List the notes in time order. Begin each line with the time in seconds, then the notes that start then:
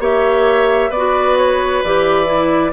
0.00 A#3 G4 C#5 E5
0.90 B3 B4 D5
0.97 F#4
1.38 C#5
1.84 E3 G4 D5
2.26 E4